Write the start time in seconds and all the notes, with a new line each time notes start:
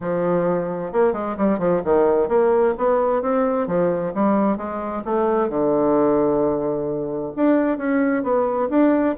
0.00 F3
0.92 A#3
1.12 G#3
1.37 G3
1.58 F3
1.84 D#3
2.28 A#3
2.77 B3
3.22 C4
3.67 F3
4.14 G3
4.57 G#3
5.04 A3
5.49 D3
7.36 D4
7.77 C#4
8.23 B3
8.69 D4